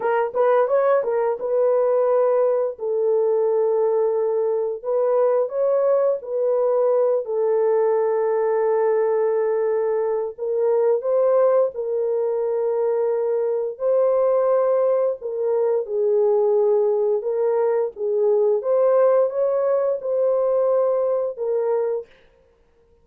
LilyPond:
\new Staff \with { instrumentName = "horn" } { \time 4/4 \tempo 4 = 87 ais'8 b'8 cis''8 ais'8 b'2 | a'2. b'4 | cis''4 b'4. a'4.~ | a'2. ais'4 |
c''4 ais'2. | c''2 ais'4 gis'4~ | gis'4 ais'4 gis'4 c''4 | cis''4 c''2 ais'4 | }